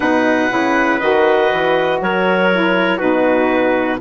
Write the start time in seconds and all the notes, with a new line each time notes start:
0.00 B2 D#4 B4 F#5
0.49 C#3 E4
0.99 D#3 F#4 D#5
1.52 E3
2.00 F#3 A#4 C#5
2.51 E4
2.97 B2 D#4 F#4 B4